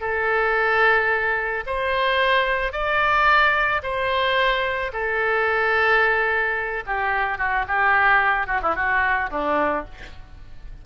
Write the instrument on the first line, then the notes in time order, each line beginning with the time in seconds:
oboe
0.00 A4
1.66 C5
2.72 D5
3.82 C5
4.92 A4
6.86 G4
7.38 F#4
7.67 G4
8.46 F#4
8.62 E4
8.75 F#4
9.30 D4